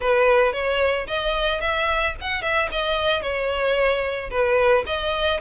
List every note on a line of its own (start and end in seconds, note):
0.00 0.53 B4
0.53 1.07 C#5
1.07 1.60 D#5
1.60 2.14 E5
2.21 2.42 F#5
2.42 2.69 E5
2.71 3.22 D#5
3.22 4.30 C#5
4.30 4.84 B4
4.86 5.40 D#5